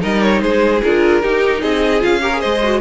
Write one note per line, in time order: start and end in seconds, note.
0.00 0.42 G3
0.00 0.80 D#4
0.00 0.41 A#4
0.00 0.22 D#5
0.22 0.42 C#5
0.42 0.82 G#3
0.42 1.23 G#4
0.42 0.82 C5
0.83 1.23 D4
0.83 1.22 F4
0.83 1.62 A#4
1.22 2.00 D#4
1.22 1.63 D#4
1.22 1.61 G4
1.61 2.03 C4
1.61 2.21 G#4
1.61 2.02 D#5
2.00 2.44 C#4
2.00 2.20 F4
2.00 2.41 F5
2.21 2.31 G4
2.21 2.40 A#4
2.32 2.62 G#4
2.40 2.81 G#3
2.40 2.80 C5
2.40 2.81 D#5
2.63 2.81 F#4